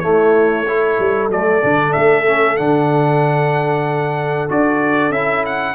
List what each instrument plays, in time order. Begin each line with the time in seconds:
0.00 trombone A3, tuba A3, horn E4, trumpet C#5
0.67 trombone E4, horn A4
0.99 tuba G3
1.29 tuba F#3, trombone A3, trumpet D5
1.62 tuba D3, trombone D4
1.93 tuba A3, trumpet E5
2.26 trombone C#4
2.57 tuba D3, trombone D4, trumpet F#5
4.49 tuba D4, trombone F#4, trumpet D5
5.10 tuba C#4, trombone E4, trumpet E5
5.46 trumpet F#5